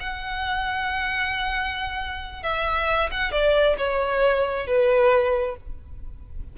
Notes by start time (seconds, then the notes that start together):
0.00 F#5
2.43 E5
3.11 F#5
3.32 D5
3.78 C#5
4.67 B4